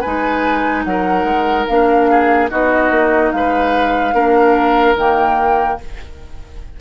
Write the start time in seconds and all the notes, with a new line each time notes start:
0.00 G#3 D#4 B4 G#5
0.84 F#3 A#4 F#5
1.24 G#3
1.67 A#3 D4 F5
2.10 G#4
2.49 B3 D#4 F#4 D#5
2.90 A#3
3.31 G#3 B4 F5
4.13 A#3 D4 A#4
4.94 D#3 A#3 G5